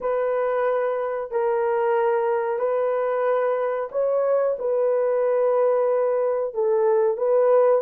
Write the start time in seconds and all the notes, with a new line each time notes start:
0.00 B4
1.31 A#4
2.58 B4
3.91 C#5
4.59 B4
6.54 A4
7.17 B4